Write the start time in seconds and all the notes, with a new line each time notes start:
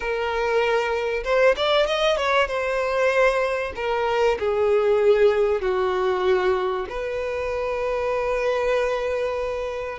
0.00 A#4
1.24 C5
1.56 D5
1.86 D#5
2.16 C#5
2.47 C5
3.75 A#4
4.39 G#4
5.61 F#4
6.89 B4